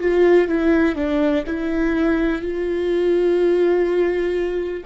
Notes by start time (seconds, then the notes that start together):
0.00 F4
0.48 E4
0.95 D4
1.47 E4
2.42 F4